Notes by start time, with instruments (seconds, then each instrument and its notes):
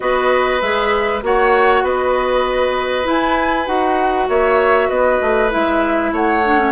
0.00 bassoon B3, clarinet F#4, oboe B4, flute D#5
0.61 bassoon G#3, clarinet G#4, flute E5
1.22 bassoon A#3, clarinet F#4, oboe C#5, flute F#5
1.83 bassoon B3, oboe B4, flute D#5
3.04 clarinet E4, bassoon E4, flute G#5
3.65 bassoon D#4, clarinet F#4, flute F#5
4.28 bassoon A#3, oboe C#5, flute E5
4.88 bassoon B3, oboe B4, flute D#5
5.21 bassoon A3
5.50 bassoon G#3, clarinet E4, flute E5
6.12 bassoon A3, oboe C#5, flute F#5
6.44 clarinet D4
6.59 clarinet C#4